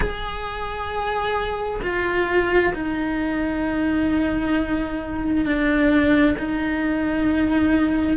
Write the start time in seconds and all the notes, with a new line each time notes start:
0.00 G#4
1.82 F4
2.74 D#4
5.45 D4
6.38 D#4